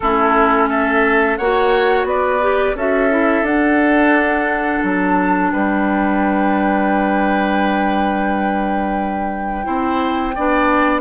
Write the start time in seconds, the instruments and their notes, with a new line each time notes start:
0.00 bassoon A3, clarinet C#4, oboe E4, flute A4
0.69 oboe A4, flute E5
1.36 bassoon A#3, clarinet F#4, oboe C#5, flute F#5
2.04 bassoon B3, oboe B4, flute D5
2.40 clarinet G4
2.75 bassoon C#4, clarinet F#4, oboe A4, flute E5
3.09 clarinet E4
3.42 bassoon D4, clarinet D4, flute F#5
4.83 bassoon F#3, flute A5
5.51 bassoon G3, oboe B4, flute G5
9.64 bassoon C4, clarinet E4, oboe C5
10.35 bassoon B3, clarinet D4, oboe D5